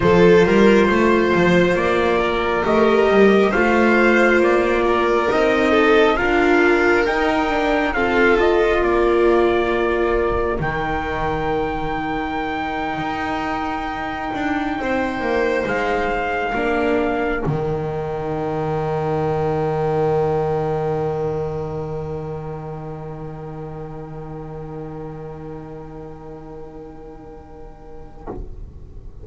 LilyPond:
<<
  \new Staff \with { instrumentName = "trumpet" } { \time 4/4 \tempo 4 = 68 c''2 d''4 dis''4 | f''4 d''4 dis''4 f''4 | g''4 f''8 dis''8 d''2 | g''1~ |
g''4.~ g''16 f''2 g''16~ | g''1~ | g''1~ | g''1 | }
  \new Staff \with { instrumentName = "violin" } { \time 4/4 a'8 ais'8 c''4. ais'4. | c''4. ais'4 a'8 ais'4~ | ais'4 a'4 ais'2~ | ais'1~ |
ais'8. c''2 ais'4~ ais'16~ | ais'1~ | ais'1~ | ais'1 | }
  \new Staff \with { instrumentName = "viola" } { \time 4/4 f'2. g'4 | f'2 dis'4 f'4 | dis'8 d'8 c'8 f'2~ f'8 | dis'1~ |
dis'2~ dis'8. d'4 dis'16~ | dis'1~ | dis'1~ | dis'1 | }
  \new Staff \with { instrumentName = "double bass" } { \time 4/4 f8 g8 a8 f8 ais4 a8 g8 | a4 ais4 c'4 d'4 | dis'4 f'4 ais2 | dis2~ dis8. dis'4~ dis'16~ |
dis'16 d'8 c'8 ais8 gis4 ais4 dis16~ | dis1~ | dis1~ | dis1 | }
>>